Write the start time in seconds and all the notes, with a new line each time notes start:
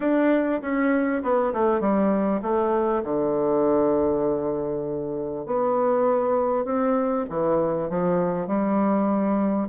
0.00 D4
0.61 C#4
1.22 B3
1.53 A3
1.80 G3
2.42 A3
3.03 D3
5.46 B3
6.64 C4
7.29 E3
7.89 F3
8.47 G3